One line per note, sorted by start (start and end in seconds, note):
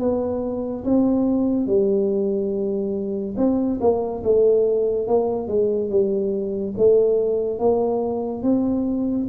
0.00 0.85 B3
0.85 1.67 C4
1.67 3.36 G3
3.38 3.80 C4
3.81 4.23 A#3
4.24 5.08 A3
5.08 5.48 A#3
5.48 5.90 G#3
5.90 6.75 G3
6.78 7.60 A3
7.60 8.43 A#3
8.43 9.28 C4